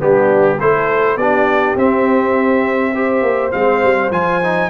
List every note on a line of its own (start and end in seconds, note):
0.00 0.60 G3
0.00 0.59 B3
0.00 0.60 D4
0.00 0.60 G4
0.60 1.17 A3
0.60 1.19 E4
0.60 1.18 A4
0.60 1.18 C5
1.17 1.76 B3
1.17 1.78 D4
1.17 2.94 G4
1.17 1.77 D5
1.76 3.23 C4
1.76 2.95 C4
1.76 3.52 E5
2.94 3.53 G4
2.94 4.70 C5
3.23 3.52 A#3
3.52 3.84 G#3
3.52 4.11 C4
3.52 4.11 F5
3.84 4.11 G3
4.11 4.70 F3
4.11 4.43 F4
4.11 4.70 G#5
4.43 4.70 D#4